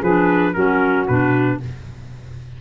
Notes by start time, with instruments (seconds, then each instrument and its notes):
0.00 tuba F3, saxophone G#4, trumpet B4
0.07 clarinet D4
0.53 tuba F#3, clarinet C#4, saxophone F#4, trumpet A#4
1.08 tuba B2, clarinet D4, trumpet B4